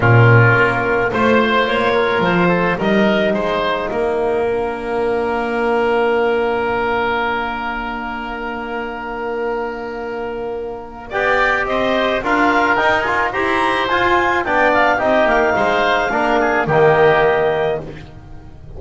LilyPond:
<<
  \new Staff \with { instrumentName = "clarinet" } { \time 4/4 \tempo 4 = 108 ais'2 c''4 cis''4 | c''4 dis''4 f''2~ | f''1~ | f''1~ |
f''1 | g''4 dis''4 f''4 g''8 gis''8 | ais''4 gis''4 g''8 f''8 dis''8 f''8~ | f''2 dis''2 | }
  \new Staff \with { instrumentName = "oboe" } { \time 4/4 f'2 c''4. ais'8~ | ais'8 a'8 ais'4 c''4 ais'4~ | ais'1~ | ais'1~ |
ais'1 | d''4 c''4 ais'2 | c''2 d''4 g'4 | c''4 ais'8 gis'8 g'2 | }
  \new Staff \with { instrumentName = "trombone" } { \time 4/4 cis'2 f'2~ | f'4 dis'2. | d'1~ | d'1~ |
d'1 | g'2 f'4 dis'8 f'8 | g'4 f'4 d'4 dis'4~ | dis'4 d'4 ais2 | }
  \new Staff \with { instrumentName = "double bass" } { \time 4/4 ais,4 ais4 a4 ais4 | f4 g4 gis4 ais4~ | ais1~ | ais1~ |
ais1 | b4 c'4 d'4 dis'4 | e'4 f'4 b4 c'8 ais8 | gis4 ais4 dis2 | }
>>